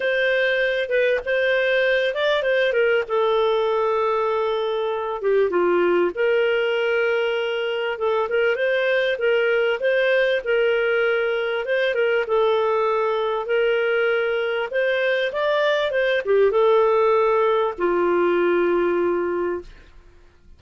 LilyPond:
\new Staff \with { instrumentName = "clarinet" } { \time 4/4 \tempo 4 = 98 c''4. b'8 c''4. d''8 | c''8 ais'8 a'2.~ | a'8 g'8 f'4 ais'2~ | ais'4 a'8 ais'8 c''4 ais'4 |
c''4 ais'2 c''8 ais'8 | a'2 ais'2 | c''4 d''4 c''8 g'8 a'4~ | a'4 f'2. | }